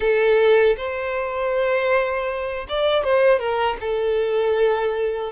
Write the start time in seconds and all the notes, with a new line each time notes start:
0.00 A4
0.77 C5
2.69 D5
3.04 C5
3.39 A#4
3.80 A4